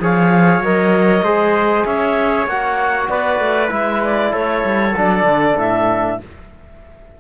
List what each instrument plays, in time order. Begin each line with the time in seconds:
0.00 cello F3, trombone G#4, trumpet C#5, clarinet F5
0.60 cello F#3, trombone A#4, clarinet D#5
1.22 cello G#3, trombone G#4, trumpet C5
1.85 cello C#4, trumpet C#5, clarinet E5
2.47 cello A#3, trombone F#4, clarinet F#5
3.09 cello B3, trumpet B4, clarinet D5
3.39 cello A3
3.68 cello G#3, trombone E4, clarinet E5
4.03 clarinet D5
4.31 cello A3, trumpet A4, clarinet C#5
4.64 cello G3
4.97 cello F#3, trombone D4, clarinet D5
5.23 cello D3
5.57 cello A2, clarinet E5